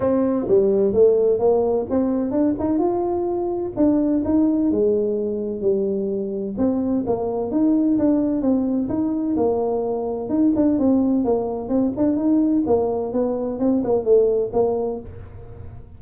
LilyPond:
\new Staff \with { instrumentName = "tuba" } { \time 4/4 \tempo 4 = 128 c'4 g4 a4 ais4 | c'4 d'8 dis'8 f'2 | d'4 dis'4 gis2 | g2 c'4 ais4 |
dis'4 d'4 c'4 dis'4 | ais2 dis'8 d'8 c'4 | ais4 c'8 d'8 dis'4 ais4 | b4 c'8 ais8 a4 ais4 | }